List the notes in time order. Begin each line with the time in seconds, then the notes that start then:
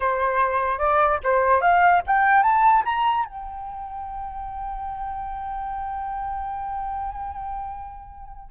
0.00 C5
0.78 D5
1.23 C5
1.61 F5
2.06 G5
2.42 A5
2.85 A#5
3.25 G5